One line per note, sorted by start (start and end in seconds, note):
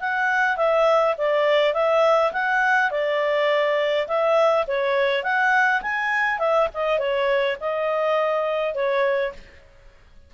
0.00 0.57 F#5
0.57 1.15 E5
1.17 1.73 D5
1.73 2.32 E5
2.32 2.90 F#5
2.90 4.07 D5
4.07 4.65 E5
4.67 5.23 C#5
5.23 5.81 F#5
5.82 6.39 G#5
6.39 6.68 E5
6.74 6.98 D#5
6.98 7.57 C#5
7.60 8.74 D#5
8.74 9.33 C#5